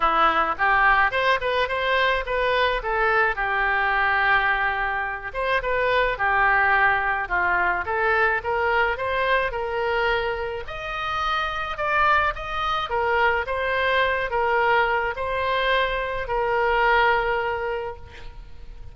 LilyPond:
\new Staff \with { instrumentName = "oboe" } { \time 4/4 \tempo 4 = 107 e'4 g'4 c''8 b'8 c''4 | b'4 a'4 g'2~ | g'4. c''8 b'4 g'4~ | g'4 f'4 a'4 ais'4 |
c''4 ais'2 dis''4~ | dis''4 d''4 dis''4 ais'4 | c''4. ais'4. c''4~ | c''4 ais'2. | }